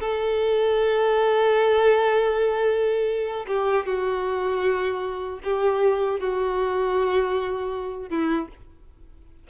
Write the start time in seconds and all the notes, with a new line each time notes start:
0.00 A4
3.47 G4
3.85 F#4
5.43 G4
6.19 F#4
8.09 E4